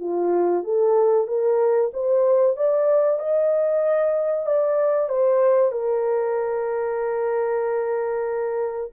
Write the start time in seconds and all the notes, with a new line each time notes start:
0.00 F4
0.64 A4
1.28 A#4
1.94 C5
2.57 D5
3.19 D#5
4.47 D5
5.09 C5
5.72 A#4